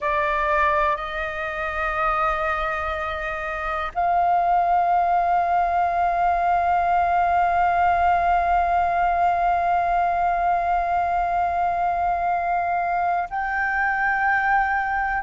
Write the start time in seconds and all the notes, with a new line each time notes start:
0.00 D5
0.96 D#5
3.94 F5
13.30 G5